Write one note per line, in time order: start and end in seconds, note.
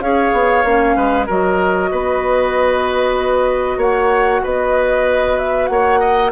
0.00 0.32 C#4
0.00 0.65 G#4
0.00 0.97 C#5
0.00 1.27 F5
0.33 0.64 B3
0.64 0.96 A#3
0.64 1.26 C#4
0.97 1.28 G#3
0.97 1.27 B4
1.26 1.92 F#3
1.26 6.32 F#4
1.26 1.90 A#4
1.26 3.81 D#5
1.92 3.77 B3
1.92 3.78 B4
3.77 4.41 A#3
3.77 4.41 C#5
3.77 4.44 F#5
4.44 5.70 B3
4.44 5.70 B4
4.44 5.39 D#5
5.39 5.67 E5
5.67 6.32 A#3
5.67 6.00 C#5
5.67 6.30 F#5
6.00 6.32 D#5